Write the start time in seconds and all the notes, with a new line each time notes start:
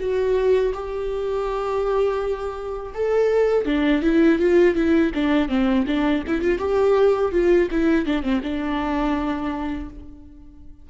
0.00 F#4
0.74 G4
2.94 A4
3.66 D4
4.02 E4
4.39 F4
4.75 E4
5.15 D4
5.49 C4
5.87 D4
6.27 E4
6.42 F4
6.59 G4
7.32 F4
7.72 E4
8.06 D4
8.23 C4
8.43 D4